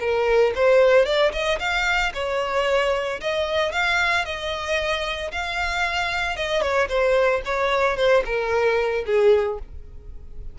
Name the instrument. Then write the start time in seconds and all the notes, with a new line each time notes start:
violin
0.00 A#4
0.55 C5
1.05 D5
1.32 D#5
1.59 F5
2.14 C#5
3.21 D#5
3.72 F5
4.25 D#5
5.31 F5
6.36 D#5
6.62 C#5
6.89 C5
7.45 C#5
7.97 C5
8.25 A#4
9.06 G#4